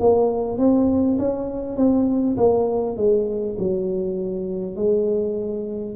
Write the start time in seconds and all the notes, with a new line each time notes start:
0.00 A#3
0.58 C4
1.19 C#4
1.77 C4
2.38 A#3
2.97 G#3
3.59 F#3
4.76 G#3